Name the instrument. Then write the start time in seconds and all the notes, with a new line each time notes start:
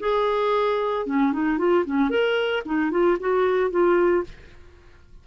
clarinet
0.00 G#4
1.06 C#4
1.33 D#4
1.58 F4
1.86 C#4
2.10 A#4
2.65 D#4
2.91 F4
3.20 F#4
3.71 F4